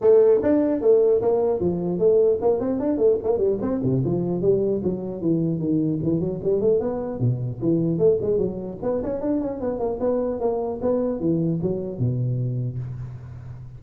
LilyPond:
\new Staff \with { instrumentName = "tuba" } { \time 4/4 \tempo 4 = 150 a4 d'4 a4 ais4 | f4 a4 ais8 c'8 d'8 a8 | ais8 g8 c'8 c8 f4 g4 | fis4 e4 dis4 e8 fis8 |
g8 a8 b4 b,4 e4 | a8 gis8 fis4 b8 cis'8 d'8 cis'8 | b8 ais8 b4 ais4 b4 | e4 fis4 b,2 | }